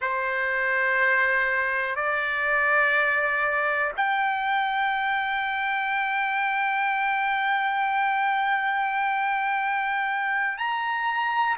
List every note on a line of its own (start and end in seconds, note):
0.01 1.95 C5
1.95 3.92 D5
3.96 10.57 G5
10.57 11.56 A#5